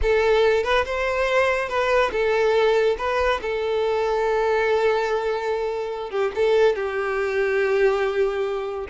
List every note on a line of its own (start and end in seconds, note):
0.02 0.63 A4
0.63 0.84 B4
0.85 1.68 C5
1.68 2.10 B4
2.11 2.96 A4
2.98 3.40 B4
3.41 6.10 A4
6.10 6.31 G4
6.35 6.75 A4
6.75 8.87 G4